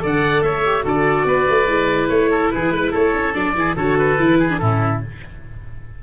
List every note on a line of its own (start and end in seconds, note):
0.00 0.42 D3
0.00 0.62 A4
0.00 0.44 D5
0.00 0.42 F#5
0.42 0.84 A3
0.42 0.84 C#5
0.42 0.84 E5
0.65 0.82 G4
0.82 1.24 D3
0.82 1.65 F#4
0.82 1.26 A4
0.82 2.08 D5
1.24 1.45 B3
1.24 2.31 B4
1.49 1.66 A3
1.66 2.08 G#3
1.66 3.34 E4
2.08 2.51 A3
2.08 2.50 C#5
2.31 2.52 A4
2.51 2.70 E3
2.51 2.73 G#4
2.51 2.92 B4
2.70 2.91 G#3
2.70 2.91 B4
2.91 3.14 A3
2.91 3.53 A4
2.91 3.34 C#5
3.14 3.35 C#4
3.34 3.54 F#3
3.34 3.55 D4
3.34 3.76 D5
3.54 3.75 E3
3.54 3.77 E4
3.54 3.75 G#4
3.75 4.18 D3
3.75 4.18 F#4
3.75 4.38 A4
3.75 3.98 C#5
3.98 4.58 B4
4.18 4.61 E3
4.18 4.50 E4
4.39 4.60 G#4
4.50 4.60 D4
4.58 5.02 A2
4.58 5.03 C#4
4.58 5.02 E4
4.58 4.99 A4